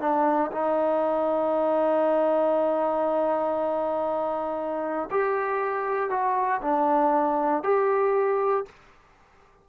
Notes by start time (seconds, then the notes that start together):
0.00 D4
0.52 D#4
5.11 G4
6.10 F#4
6.62 D4
7.63 G4